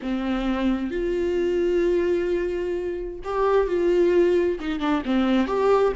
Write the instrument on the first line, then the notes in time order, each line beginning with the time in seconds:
viola
0.01 C4
0.90 F4
3.24 G4
3.67 F4
4.59 D#4
4.79 D4
5.05 C4
5.46 G4